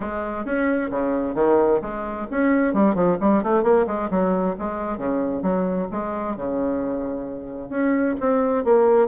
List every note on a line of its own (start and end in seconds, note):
0.00 0.45 G#3
0.45 0.90 C#4
0.90 1.34 C#3
1.34 1.80 D#3
1.81 2.26 G#3
2.30 2.73 C#4
2.73 2.94 G3
2.94 3.17 F3
3.20 3.43 G3
3.43 3.63 A3
3.63 3.86 A#3
3.86 4.09 G#3
4.10 4.55 F#3
4.58 4.97 G#3
4.97 5.42 C#3
5.42 5.87 F#3
5.91 6.36 G#3
6.36 7.69 C#3
7.69 8.15 C#4
8.20 8.64 C4
8.64 9.08 A#3